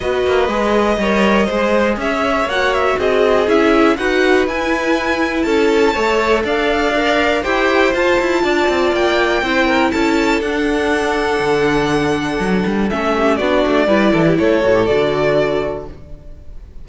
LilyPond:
<<
  \new Staff \with { instrumentName = "violin" } { \time 4/4 \tempo 4 = 121 dis''1 | e''4 fis''8 e''8 dis''4 e''4 | fis''4 gis''2 a''4~ | a''4 f''2 g''4 |
a''2 g''2 | a''4 fis''2.~ | fis''2 e''4 d''4~ | d''4 cis''4 d''2 | }
  \new Staff \with { instrumentName = "violin" } { \time 4/4 b'2 cis''4 c''4 | cis''2 gis'2 | b'2. a'4 | cis''4 d''2 c''4~ |
c''4 d''2 c''8 ais'8 | a'1~ | a'2~ a'8 g'8 fis'4 | b'8 a'16 g'16 a'2. | }
  \new Staff \with { instrumentName = "viola" } { \time 4/4 fis'4 gis'4 ais'4 gis'4~ | gis'4 fis'2 e'4 | fis'4 e'2. | a'2 ais'4 g'4 |
f'2. e'4~ | e'4 d'2.~ | d'2 cis'4 d'4 | e'4. fis'16 g'16 fis'2 | }
  \new Staff \with { instrumentName = "cello" } { \time 4/4 b8 ais8 gis4 g4 gis4 | cis'4 ais4 c'4 cis'4 | dis'4 e'2 cis'4 | a4 d'2 e'4 |
f'8 e'8 d'8 c'8 ais4 c'4 | cis'4 d'2 d4~ | d4 fis8 g8 a4 b8 a8 | g8 e8 a8 a,8 d2 | }
>>